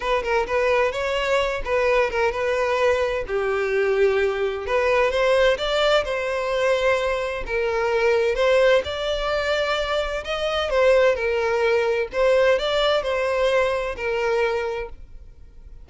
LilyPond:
\new Staff \with { instrumentName = "violin" } { \time 4/4 \tempo 4 = 129 b'8 ais'8 b'4 cis''4. b'8~ | b'8 ais'8 b'2 g'4~ | g'2 b'4 c''4 | d''4 c''2. |
ais'2 c''4 d''4~ | d''2 dis''4 c''4 | ais'2 c''4 d''4 | c''2 ais'2 | }